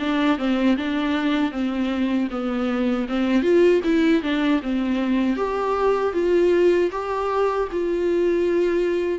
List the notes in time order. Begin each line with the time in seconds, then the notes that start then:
0.00 D4
0.38 C4
0.77 D4
1.52 C4
2.31 B3
3.09 C4
3.43 F4
3.84 E4
4.23 D4
4.63 C4
5.37 G4
6.14 F4
6.92 G4
7.72 F4